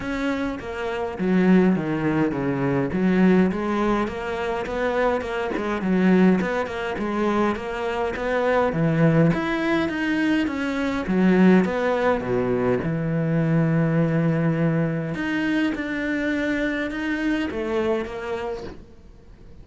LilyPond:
\new Staff \with { instrumentName = "cello" } { \time 4/4 \tempo 4 = 103 cis'4 ais4 fis4 dis4 | cis4 fis4 gis4 ais4 | b4 ais8 gis8 fis4 b8 ais8 | gis4 ais4 b4 e4 |
e'4 dis'4 cis'4 fis4 | b4 b,4 e2~ | e2 dis'4 d'4~ | d'4 dis'4 a4 ais4 | }